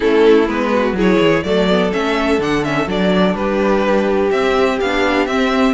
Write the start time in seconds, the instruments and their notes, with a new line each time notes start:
0.00 cello A3, viola C#4, violin E4 A4
0.47 cello G#3, viola B3, violin B4
0.72 violin F#4
0.93 cello F#3, viola E4, violin G#4
1.00 violin C#5
1.18 cello E3
1.43 cello F#3, viola A3, violin A4 D5
1.69 viola B3
1.91 cello A3, viola C#4, violin E5
2.38 cello D3, viola D4, violin F#5
2.63 viola C#4, violin E5
2.86 cello F#3, viola D4, violin D5
3.34 cello G3, violin G4 B4
4.30 cello C4, viola C4, violin E5
4.80 cello B3, viola D4, violin F5
5.26 cello C4, viola C4, violin E5